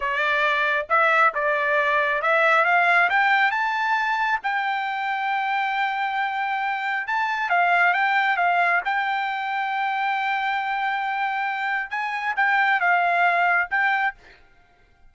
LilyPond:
\new Staff \with { instrumentName = "trumpet" } { \time 4/4 \tempo 4 = 136 d''2 e''4 d''4~ | d''4 e''4 f''4 g''4 | a''2 g''2~ | g''1 |
a''4 f''4 g''4 f''4 | g''1~ | g''2. gis''4 | g''4 f''2 g''4 | }